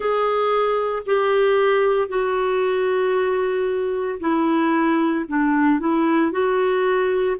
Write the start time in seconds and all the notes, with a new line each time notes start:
0.00 G#4
1.06 G4
2.08 F#4
4.20 E4
5.28 D4
5.79 E4
6.31 F#4